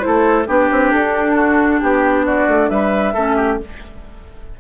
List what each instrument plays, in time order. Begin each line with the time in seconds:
0.00 clarinet E4, flute C5
0.06 bassoon A3, oboe A4
0.48 bassoon B3, clarinet D4, oboe G4, flute B4
0.72 bassoon C4
0.92 bassoon D4, flute A4
1.36 oboe F#4
1.79 bassoon B3, flute G4, oboe G4
2.26 oboe F#4, flute D5
2.48 bassoon A3
2.69 bassoon G3, oboe B4, flute E5
3.14 bassoon A3, clarinet C#4, oboe A4
3.36 oboe G4